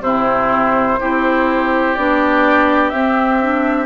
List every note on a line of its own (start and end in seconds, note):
0.00 0.97 C3
0.00 1.00 C4
0.00 0.99 E4
0.00 1.94 C5
0.99 1.97 C4
0.99 1.97 E4
0.99 3.86 G4
1.94 2.92 B3
1.94 2.93 D4
1.94 2.89 D5
2.89 3.86 C4
2.89 3.41 C4
2.89 3.86 E5
3.41 3.86 D4